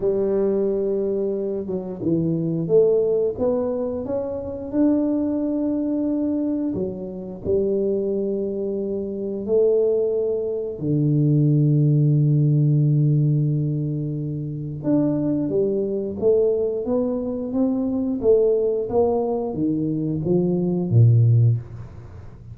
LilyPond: \new Staff \with { instrumentName = "tuba" } { \time 4/4 \tempo 4 = 89 g2~ g8 fis8 e4 | a4 b4 cis'4 d'4~ | d'2 fis4 g4~ | g2 a2 |
d1~ | d2 d'4 g4 | a4 b4 c'4 a4 | ais4 dis4 f4 ais,4 | }